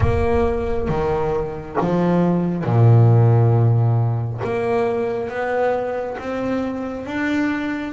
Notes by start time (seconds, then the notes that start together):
0.00 A#3
0.88 D#3
1.80 F3
2.64 A#2
4.43 A#3
5.29 B3
6.18 C4
7.05 D4